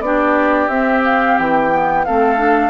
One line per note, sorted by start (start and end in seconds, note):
0.00 0.67 B3
0.00 0.70 D4
0.00 2.06 G4
0.00 0.68 D5
0.68 1.35 C4
0.68 1.71 C4
0.68 1.01 E5
1.05 1.38 F5
1.38 2.06 E3
1.38 2.05 G5
1.71 2.05 B3
2.05 2.70 A3
2.05 2.37 C4
2.05 2.70 A4
2.05 2.70 F5
2.37 2.70 D4